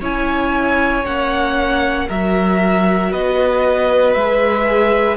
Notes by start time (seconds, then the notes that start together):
0.00 C#4 E4 C#5 G#5
1.05 A#3 C#4 F#5
2.08 F#3 F#4 A#4 E5
3.11 B3 B4 D#5
4.14 G#3 E5
4.20 G#4